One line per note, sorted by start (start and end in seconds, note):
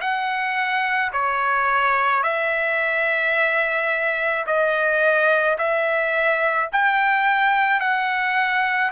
0.00 1.11 F#5
1.12 2.23 C#5
2.23 4.45 E5
4.46 5.57 D#5
5.58 6.69 E5
6.72 7.80 G5
7.80 8.91 F#5